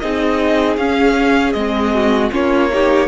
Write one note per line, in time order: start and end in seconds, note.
0.00 0.77 C4
0.00 0.79 D#4
0.00 1.94 G#4
0.00 0.77 D#5
0.77 1.54 C#4
0.77 1.56 C#4
0.77 1.53 F5
1.53 2.31 G#3
1.53 2.32 C4
1.53 2.30 D#5
1.94 2.32 F#4
2.32 3.08 A#3
2.32 2.70 C#4
2.32 2.71 F4
2.32 3.08 C#5
2.72 3.08 D#4
2.72 3.08 G4